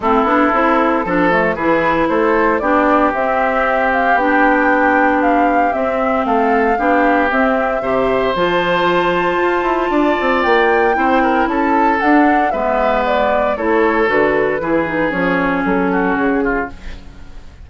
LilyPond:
<<
  \new Staff \with { instrumentName = "flute" } { \time 4/4 \tempo 4 = 115 a'2. b'4 | c''4 d''4 e''4. f''8 | g''2 f''4 e''4 | f''2 e''2 |
a''1 | g''2 a''4 fis''4 | e''4 d''4 cis''4 b'4~ | b'4 cis''4 a'4 gis'4 | }
  \new Staff \with { instrumentName = "oboe" } { \time 4/4 e'2 a'4 gis'4 | a'4 g'2.~ | g'1 | a'4 g'2 c''4~ |
c''2. d''4~ | d''4 c''8 ais'8 a'2 | b'2 a'2 | gis'2~ gis'8 fis'4 f'8 | }
  \new Staff \with { instrumentName = "clarinet" } { \time 4/4 c'8 d'8 e'4 d'8 a8 e'4~ | e'4 d'4 c'2 | d'2. c'4~ | c'4 d'4 c'4 g'4 |
f'1~ | f'4 e'2 d'4 | b2 e'4 fis'4 | e'8 dis'8 cis'2. | }
  \new Staff \with { instrumentName = "bassoon" } { \time 4/4 a8 b8 c'4 f4 e4 | a4 b4 c'2 | b2. c'4 | a4 b4 c'4 c4 |
f2 f'8 e'8 d'8 c'8 | ais4 c'4 cis'4 d'4 | gis2 a4 d4 | e4 f4 fis4 cis4 | }
>>